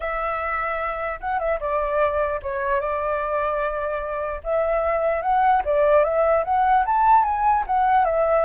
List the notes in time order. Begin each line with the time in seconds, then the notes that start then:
0.00 E5
1.20 F#5
1.39 E5
1.59 D5
2.42 C#5
2.80 D5
4.43 E5
5.22 F#5
5.65 D5
6.03 E5
6.44 F#5
6.85 A5
7.24 G#5
7.67 F#5
8.04 E5